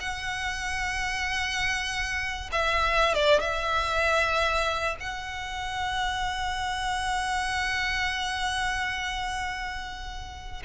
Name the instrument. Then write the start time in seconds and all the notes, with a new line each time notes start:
violin
0.00 F#5
2.52 E5
3.14 D5
3.40 E5
5.00 F#5